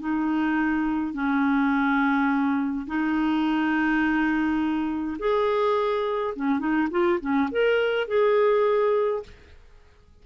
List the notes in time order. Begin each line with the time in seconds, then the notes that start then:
0.00 D#4
1.14 C#4
2.87 D#4
5.19 G#4
6.36 C#4
6.60 D#4
6.91 F4
7.21 C#4
7.52 A#4
8.08 G#4